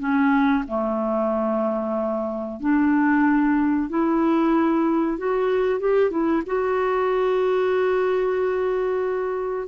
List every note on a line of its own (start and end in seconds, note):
0.00 0.65 C#4
0.68 2.61 A3
2.61 3.90 D4
3.90 5.18 E4
5.18 5.80 F#4
5.80 6.11 G4
6.11 6.43 E4
6.47 9.68 F#4